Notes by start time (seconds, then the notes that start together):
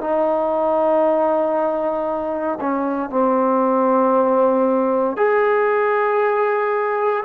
0.00 D#4
2.60 C#4
3.10 C4
5.17 G#4